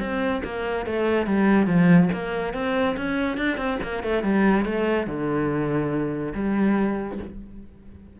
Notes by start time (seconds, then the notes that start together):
0.00 C4
0.44 A#3
0.86 A3
1.26 G3
1.67 F3
2.13 A#3
2.54 C4
2.97 C#4
3.37 D4
3.57 C4
3.83 A#3
4.03 A3
4.23 G3
4.66 A3
5.07 D3
6.34 G3